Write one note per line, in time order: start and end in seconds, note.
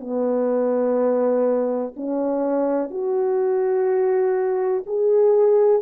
0.00 1.94 B3
1.97 2.90 C#4
2.90 4.84 F#4
4.87 5.82 G#4